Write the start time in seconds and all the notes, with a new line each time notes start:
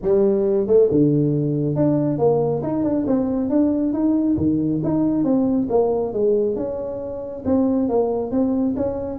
0.01 G3
0.67 A3
0.90 D3
1.75 D4
2.18 A#3
2.63 D#4
2.83 D4
3.07 C4
3.49 D4
3.93 D#4
4.37 D#3
4.83 D#4
5.24 C4
5.69 A#3
6.13 G#3
6.56 C#4
7.45 C4
7.88 A#3
8.31 C4
8.76 C#4